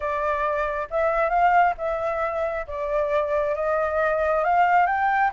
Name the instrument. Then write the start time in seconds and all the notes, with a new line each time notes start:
flute
0.00 D5
0.90 E5
1.29 F5
1.77 E5
2.67 D5
3.55 D#5
4.44 F5
4.86 G5